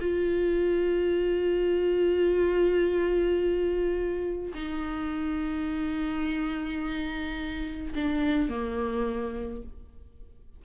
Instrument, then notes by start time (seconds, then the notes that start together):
viola
0.00 F4
4.54 D#4
7.95 D4
8.49 A#3